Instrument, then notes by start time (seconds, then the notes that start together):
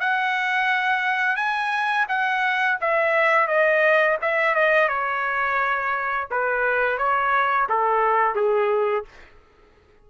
trumpet
0.00 F#5
1.36 G#5
2.08 F#5
2.81 E5
3.48 D#5
4.21 E5
4.55 D#5
4.88 C#5
6.31 B4
6.98 C#5
7.69 A4
8.35 G#4